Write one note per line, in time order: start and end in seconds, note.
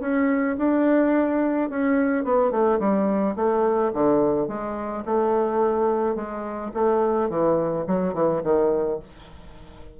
0.00 0.56 C#4
0.58 1.69 D4
1.69 2.24 C#4
2.24 2.51 B3
2.51 2.79 A3
2.79 3.35 G3
3.35 3.91 A3
3.93 4.48 D3
4.48 5.03 G#3
5.05 6.15 A3
6.15 6.71 G#3
6.73 7.29 A3
7.29 7.85 E3
7.87 8.13 F#3
8.13 8.41 E3
8.43 8.99 D#3